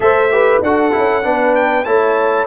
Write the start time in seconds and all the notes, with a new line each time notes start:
0.00 A3 A4 C5 E5
0.31 G4 B4
0.61 D4 F#4 A4 F#5
0.91 C#4 E4
1.22 B3 D4 B4
1.55 G5
1.84 A3 E4 C#5 A5